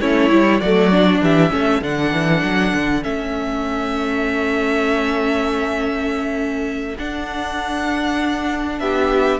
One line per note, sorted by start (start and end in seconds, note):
0.00 0.30 A3
0.00 0.31 C#4
0.00 0.60 E4
0.00 0.60 C#5
0.30 0.60 G3
0.30 0.61 E4
0.60 1.21 F#3
0.60 0.91 A3
0.60 1.20 F#4
0.60 1.21 D5
0.91 1.50 D4
1.21 1.51 E3
1.21 1.52 G4
1.21 1.83 E5
1.50 1.82 A3
1.50 1.80 C#4
1.50 8.79 A4
1.82 2.12 D3
1.82 3.02 D4
1.82 3.03 F#5
2.12 2.42 E3
2.43 2.73 F#3
2.74 3.04 D3
3.02 6.98 A3
3.02 6.96 C#4
3.02 6.97 E5
6.98 9.40 D4
6.98 8.80 D4
6.98 8.79 F#5
8.79 9.40 B3
8.79 9.40 G4
8.79 9.40 E5